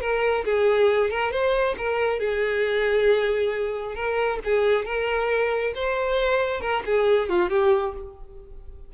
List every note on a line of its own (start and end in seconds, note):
0.00 0.44 A#4
0.45 1.10 G#4
1.10 1.31 A#4
1.31 1.75 C5
1.77 2.19 A#4
2.19 3.95 G#4
3.95 4.39 A#4
4.44 4.85 G#4
4.85 5.73 A#4
5.75 6.60 C5
6.60 6.82 A#4
6.85 7.29 G#4
7.29 7.49 F4
7.49 7.94 G4